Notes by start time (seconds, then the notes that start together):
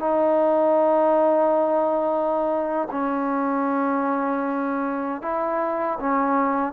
0.00 D#4
2.91 C#4
5.22 E4
6.00 C#4